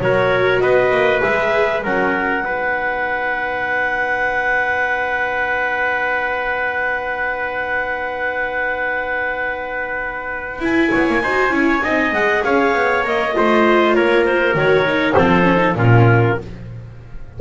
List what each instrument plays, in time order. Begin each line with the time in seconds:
0.00 double bass F#3, viola F#4, trumpet A#4, clarinet C#5
0.61 double bass B3, trumpet B4, clarinet D#5
0.91 double bass A#3
1.22 double bass G#3, viola G#4, clarinet E5
1.84 double bass F#3, viola C#4, trumpet A#4, clarinet F#5
2.44 double bass B3, viola D#4, trumpet B4
10.59 double bass E4, viola E4, clarinet G#5
10.91 double bass B3, trumpet C#5
11.09 double bass A#3
11.22 double bass D#4, viola F#4, trumpet C5
11.50 double bass C#4, viola E4, trumpet C#5
11.83 double bass C4, viola D#4, trumpet D#5
12.12 double bass G#3, viola G#4, clarinet F#5
12.44 double bass C#4, trumpet C#5, clarinet F5
12.75 double bass B3
13.04 double bass A#3, viola A#4, clarinet D#5
13.33 double bass A3, viola F4, trumpet C5
13.95 double bass A#3, trumpet A#4, clarinet C#5
14.25 clarinet C5
14.55 double bass D#3, viola F#4, clarinet C#5
14.87 viola D#4
15.13 double bass F3, viola C4, trumpet A4, clarinet C5
15.43 viola C#4
15.58 viola D#4
15.75 double bass A#2, viola C#4, trumpet F4, clarinet A#4